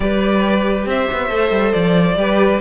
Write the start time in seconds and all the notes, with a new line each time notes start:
0.00 G3 G4 B4 D5
0.85 C4 C5 E5
1.11 B3
1.28 A3 A4
1.51 G3
1.72 F3 D5
2.16 G3 G4 B4